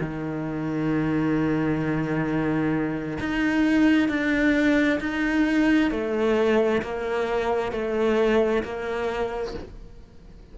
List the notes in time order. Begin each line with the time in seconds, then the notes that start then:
0.00 D#3
3.20 D#4
4.09 D4
5.00 D#4
5.91 A3
6.82 A#3
7.72 A3
8.64 A#3